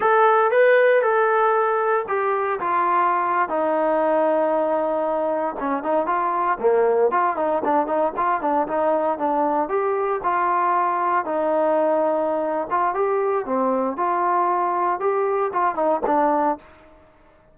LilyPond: \new Staff \with { instrumentName = "trombone" } { \time 4/4 \tempo 4 = 116 a'4 b'4 a'2 | g'4 f'4.~ f'16 dis'4~ dis'16~ | dis'2~ dis'8. cis'8 dis'8 f'16~ | f'8. ais4 f'8 dis'8 d'8 dis'8 f'16~ |
f'16 d'8 dis'4 d'4 g'4 f'16~ | f'4.~ f'16 dis'2~ dis'16~ | dis'8 f'8 g'4 c'4 f'4~ | f'4 g'4 f'8 dis'8 d'4 | }